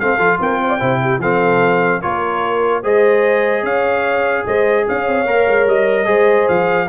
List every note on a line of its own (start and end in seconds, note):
0.00 0.19 A3
0.00 0.19 C4
0.00 0.41 A4
0.00 0.41 F5
0.19 0.39 F3
0.19 0.80 F4
0.41 0.81 C4
0.41 0.62 A#4
0.41 1.22 G5
0.62 0.70 C5
0.70 0.80 D5
0.80 1.18 C3
0.80 1.20 E4
0.80 1.01 C5
1.02 1.21 G4
1.18 1.99 F3
1.18 2.03 C4
1.18 2.02 A4
1.18 2.02 F5
2.02 2.85 A#3
2.02 2.84 F4
2.02 2.83 A#4
2.02 2.83 C#5
2.83 3.63 G#3
2.83 5.27 G#4
2.83 3.64 C5
2.83 3.65 D#5
3.63 4.44 C#4
3.63 4.45 C#5
3.63 4.47 F5
4.47 4.88 G#3
4.47 4.87 C5
4.47 4.88 D#5
4.89 5.08 C#4
4.89 6.08 C#5
4.89 5.69 F5
5.08 5.26 C4
5.26 5.46 A#3
5.26 6.06 A#4
5.48 5.67 G#3
5.67 6.07 G3
5.67 6.49 D#5
6.06 6.48 G#3
6.06 6.87 G#4
6.06 6.89 C5
6.49 6.89 F3
6.49 6.89 F5